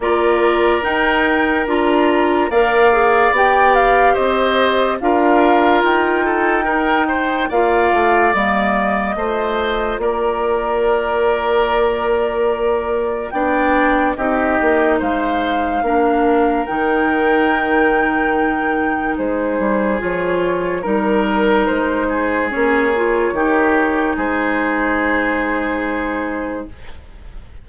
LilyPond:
<<
  \new Staff \with { instrumentName = "flute" } { \time 4/4 \tempo 4 = 72 d''4 g''4 ais''4 f''4 | g''8 f''8 dis''4 f''4 g''4~ | g''4 f''4 dis''2 | d''1 |
g''4 dis''4 f''2 | g''2. c''4 | cis''4 ais'4 c''4 cis''4~ | cis''4 c''2. | }
  \new Staff \with { instrumentName = "oboe" } { \time 4/4 ais'2. d''4~ | d''4 c''4 ais'4. a'8 | ais'8 c''8 d''2 c''4 | ais'1 |
d''4 g'4 c''4 ais'4~ | ais'2. gis'4~ | gis'4 ais'4. gis'4. | g'4 gis'2. | }
  \new Staff \with { instrumentName = "clarinet" } { \time 4/4 f'4 dis'4 f'4 ais'8 gis'8 | g'2 f'2 | dis'4 f'4 ais4 f'4~ | f'1 |
d'4 dis'2 d'4 | dis'1 | f'4 dis'2 cis'8 f'8 | dis'1 | }
  \new Staff \with { instrumentName = "bassoon" } { \time 4/4 ais4 dis'4 d'4 ais4 | b4 c'4 d'4 dis'4~ | dis'4 ais8 a8 g4 a4 | ais1 |
b4 c'8 ais8 gis4 ais4 | dis2. gis8 g8 | f4 g4 gis4 ais4 | dis4 gis2. | }
>>